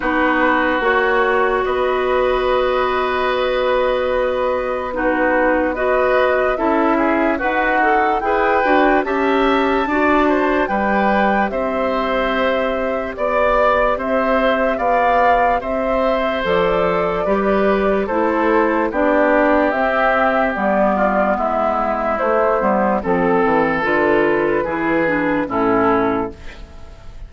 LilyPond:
<<
  \new Staff \with { instrumentName = "flute" } { \time 4/4 \tempo 4 = 73 b'4 cis''4 dis''2~ | dis''2 b'4 dis''4 | e''4 fis''4 g''4 a''4~ | a''4 g''4 e''2 |
d''4 e''4 f''4 e''4 | d''2 c''4 d''4 | e''4 d''4 e''4 c''4 | a'4 b'2 a'4 | }
  \new Staff \with { instrumentName = "oboe" } { \time 4/4 fis'2 b'2~ | b'2 fis'4 b'4 | a'8 gis'8 fis'4 b'4 e''4 | d''8 c''8 b'4 c''2 |
d''4 c''4 d''4 c''4~ | c''4 b'4 a'4 g'4~ | g'4. f'8 e'2 | a'2 gis'4 e'4 | }
  \new Staff \with { instrumentName = "clarinet" } { \time 4/4 dis'4 fis'2.~ | fis'2 dis'4 fis'4 | e'4 b'8 a'8 gis'8 fis'8 g'4 | fis'4 g'2.~ |
g'1 | a'4 g'4 e'4 d'4 | c'4 b2 a8 b8 | c'4 f'4 e'8 d'8 cis'4 | }
  \new Staff \with { instrumentName = "bassoon" } { \time 4/4 b4 ais4 b2~ | b1 | cis'4 dis'4 e'8 d'8 cis'4 | d'4 g4 c'2 |
b4 c'4 b4 c'4 | f4 g4 a4 b4 | c'4 g4 gis4 a8 g8 | f8 e8 d4 e4 a,4 | }
>>